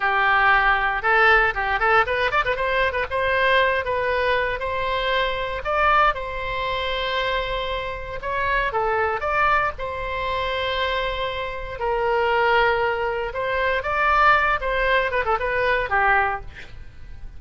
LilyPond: \new Staff \with { instrumentName = "oboe" } { \time 4/4 \tempo 4 = 117 g'2 a'4 g'8 a'8 | b'8 d''16 b'16 c''8. b'16 c''4. b'8~ | b'4 c''2 d''4 | c''1 |
cis''4 a'4 d''4 c''4~ | c''2. ais'4~ | ais'2 c''4 d''4~ | d''8 c''4 b'16 a'16 b'4 g'4 | }